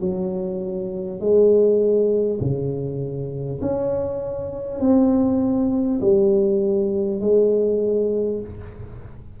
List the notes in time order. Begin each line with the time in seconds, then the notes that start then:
0.00 F#3
1.20 G#3
2.40 C#3
3.61 C#4
4.79 C4
6.00 G3
7.20 G#3